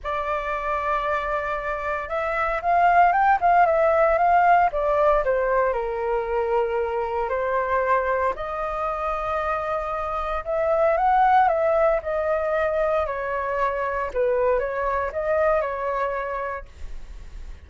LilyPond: \new Staff \with { instrumentName = "flute" } { \time 4/4 \tempo 4 = 115 d''1 | e''4 f''4 g''8 f''8 e''4 | f''4 d''4 c''4 ais'4~ | ais'2 c''2 |
dis''1 | e''4 fis''4 e''4 dis''4~ | dis''4 cis''2 b'4 | cis''4 dis''4 cis''2 | }